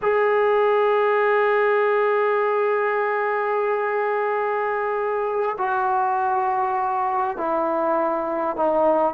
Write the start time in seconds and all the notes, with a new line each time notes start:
0.01 G#4
5.58 F#4
7.37 E4
8.56 D#4